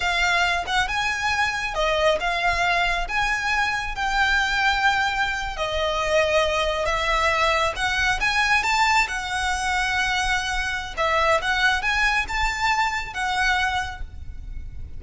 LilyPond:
\new Staff \with { instrumentName = "violin" } { \time 4/4 \tempo 4 = 137 f''4. fis''8 gis''2 | dis''4 f''2 gis''4~ | gis''4 g''2.~ | g''8. dis''2. e''16~ |
e''4.~ e''16 fis''4 gis''4 a''16~ | a''8. fis''2.~ fis''16~ | fis''4 e''4 fis''4 gis''4 | a''2 fis''2 | }